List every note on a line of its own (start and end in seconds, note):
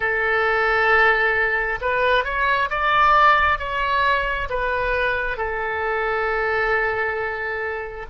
0.00 1.79 A4
1.81 2.24 B4
2.24 2.69 C#5
2.69 3.59 D5
3.59 4.48 C#5
4.49 5.37 B4
5.37 8.06 A4